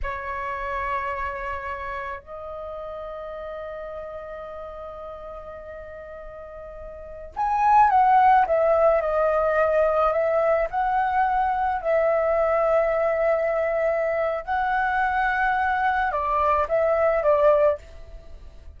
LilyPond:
\new Staff \with { instrumentName = "flute" } { \time 4/4 \tempo 4 = 108 cis''1 | dis''1~ | dis''1~ | dis''4~ dis''16 gis''4 fis''4 e''8.~ |
e''16 dis''2 e''4 fis''8.~ | fis''4~ fis''16 e''2~ e''8.~ | e''2 fis''2~ | fis''4 d''4 e''4 d''4 | }